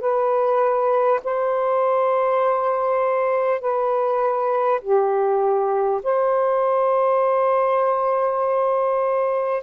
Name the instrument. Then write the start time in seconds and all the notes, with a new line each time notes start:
saxophone
0.00 B4
1.24 C5
3.61 B4
4.81 G4
6.03 C5